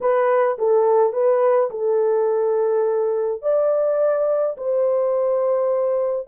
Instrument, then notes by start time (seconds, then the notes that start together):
horn
0.00 B4
0.58 A4
1.12 B4
1.70 A4
3.42 D5
4.57 C5